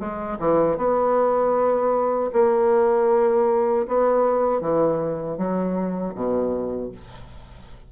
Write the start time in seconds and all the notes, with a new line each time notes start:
0.00 G#3
0.40 E3
0.77 B3
2.33 A#3
3.88 B3
4.61 E3
5.38 F#3
6.15 B2